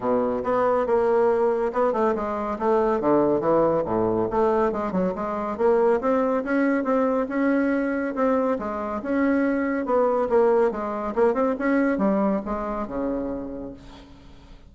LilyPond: \new Staff \with { instrumentName = "bassoon" } { \time 4/4 \tempo 4 = 140 b,4 b4 ais2 | b8 a8 gis4 a4 d4 | e4 a,4 a4 gis8 fis8 | gis4 ais4 c'4 cis'4 |
c'4 cis'2 c'4 | gis4 cis'2 b4 | ais4 gis4 ais8 c'8 cis'4 | g4 gis4 cis2 | }